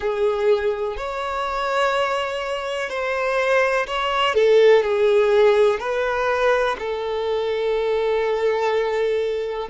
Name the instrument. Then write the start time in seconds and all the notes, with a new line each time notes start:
violin
0.00 G#4
0.97 C#5
2.89 C5
3.87 C#5
4.34 A4
4.82 G#4
5.79 B4
6.78 A4